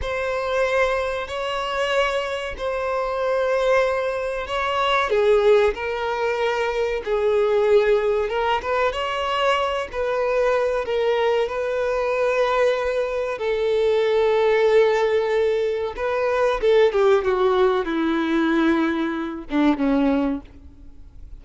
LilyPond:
\new Staff \with { instrumentName = "violin" } { \time 4/4 \tempo 4 = 94 c''2 cis''2 | c''2. cis''4 | gis'4 ais'2 gis'4~ | gis'4 ais'8 b'8 cis''4. b'8~ |
b'4 ais'4 b'2~ | b'4 a'2.~ | a'4 b'4 a'8 g'8 fis'4 | e'2~ e'8 d'8 cis'4 | }